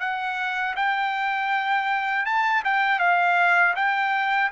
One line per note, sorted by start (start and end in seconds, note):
0.00 0.75 F#5
0.76 2.26 G5
2.26 2.63 A5
2.65 3.00 G5
3.00 3.75 F5
3.76 4.51 G5